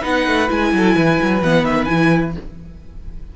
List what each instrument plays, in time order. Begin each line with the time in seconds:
0.00 cello B3, viola D#4, violin B4 F#5
0.26 cello A3
0.48 cello G#3, viola E4, violin G#5
0.73 cello F#3, violin A4
0.95 cello E3, violin B4
1.22 cello F#3
1.42 cello E3, viola B3, violin F#5
1.64 cello D#3, violin E5
1.85 cello E3, viola E4, violin G#5